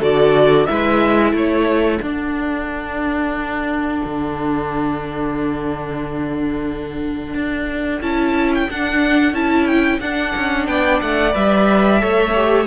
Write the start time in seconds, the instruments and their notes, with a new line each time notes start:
0.00 cello D3, viola F#4, violin A4 D5
0.66 cello G#3, viola E4, violin B4 E5
1.33 cello A3, violin A4 C#5
2.02 cello D4, viola D4, violin F#5
4.05 cello D3
7.34 cello D4
8.01 cello C#4, viola E4, violin A5
8.55 violin G5
8.70 viola D4, cello D4, violin F#5
9.32 cello C#4, viola E4, violin A5
9.67 violin G5
10.00 cello D4, viola D4, violin F#5
10.36 cello C#4
10.67 cello B3, violin D5 G5
11.01 cello A3, violin F#5
11.32 cello G3, viola B4, violin E5
11.99 cello A3, viola A4, violin C#5
12.35 viola G4